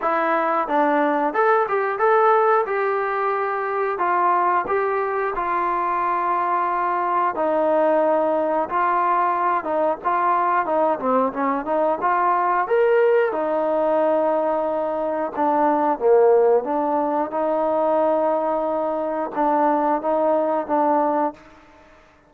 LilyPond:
\new Staff \with { instrumentName = "trombone" } { \time 4/4 \tempo 4 = 90 e'4 d'4 a'8 g'8 a'4 | g'2 f'4 g'4 | f'2. dis'4~ | dis'4 f'4. dis'8 f'4 |
dis'8 c'8 cis'8 dis'8 f'4 ais'4 | dis'2. d'4 | ais4 d'4 dis'2~ | dis'4 d'4 dis'4 d'4 | }